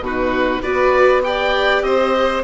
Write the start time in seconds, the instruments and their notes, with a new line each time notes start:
0.00 bassoon B2, viola D#4, violin F#4, oboe B4
0.61 bassoon B3, viola F#4, violin B4, oboe D5
1.22 viola G4, violin D5, oboe G5
1.82 bassoon C4, violin C5, oboe D#5